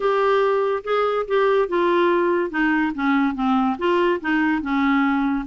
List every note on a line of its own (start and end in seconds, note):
0.00 0.83 G4
0.84 1.25 G#4
1.27 1.68 G4
1.68 2.50 F4
2.50 2.92 D#4
2.94 3.34 C#4
3.34 3.76 C4
3.78 4.20 F4
4.21 4.62 D#4
4.62 5.45 C#4